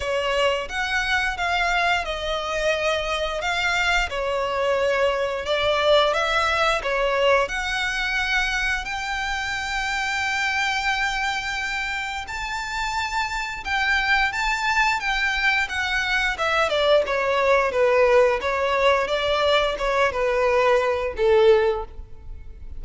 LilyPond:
\new Staff \with { instrumentName = "violin" } { \time 4/4 \tempo 4 = 88 cis''4 fis''4 f''4 dis''4~ | dis''4 f''4 cis''2 | d''4 e''4 cis''4 fis''4~ | fis''4 g''2.~ |
g''2 a''2 | g''4 a''4 g''4 fis''4 | e''8 d''8 cis''4 b'4 cis''4 | d''4 cis''8 b'4. a'4 | }